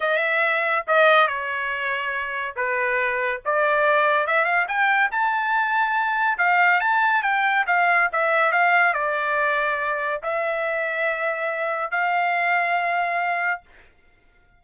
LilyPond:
\new Staff \with { instrumentName = "trumpet" } { \time 4/4 \tempo 4 = 141 e''2 dis''4 cis''4~ | cis''2 b'2 | d''2 e''8 f''8 g''4 | a''2. f''4 |
a''4 g''4 f''4 e''4 | f''4 d''2. | e''1 | f''1 | }